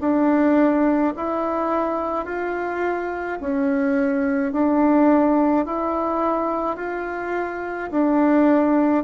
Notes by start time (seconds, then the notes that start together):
0.00 D4
1.16 E4
2.25 F4
3.40 C#4
4.52 D4
5.65 E4
6.76 F4
7.91 D4